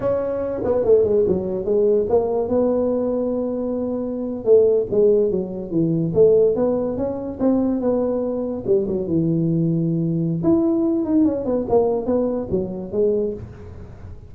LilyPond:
\new Staff \with { instrumentName = "tuba" } { \time 4/4 \tempo 4 = 144 cis'4. b8 a8 gis8 fis4 | gis4 ais4 b2~ | b2~ b8. a4 gis16~ | gis8. fis4 e4 a4 b16~ |
b8. cis'4 c'4 b4~ b16~ | b8. g8 fis8 e2~ e16~ | e4 e'4. dis'8 cis'8 b8 | ais4 b4 fis4 gis4 | }